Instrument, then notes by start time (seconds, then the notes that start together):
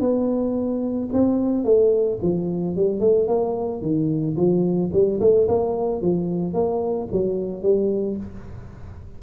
tuba
0.00 B3
1.13 C4
1.64 A3
2.22 F3
2.76 G3
3.00 A3
3.27 A#3
3.81 D#3
4.36 F3
4.92 G3
5.20 A3
5.48 A#3
6.01 F3
6.53 A#3
7.12 F#3
7.62 G3